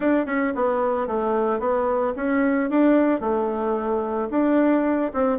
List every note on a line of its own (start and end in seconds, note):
0.00 0.26 D4
0.26 0.53 C#4
0.55 1.07 B3
1.07 1.59 A3
1.59 2.13 B3
2.16 2.70 C#4
2.70 3.20 D4
3.20 4.28 A3
4.30 5.11 D4
5.13 5.38 C4